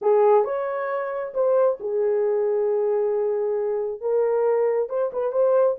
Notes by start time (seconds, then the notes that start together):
0.01 G#4
0.44 C#5
1.33 C5
1.80 G#4
4.00 A#4
4.89 C5
5.13 B4
5.32 C5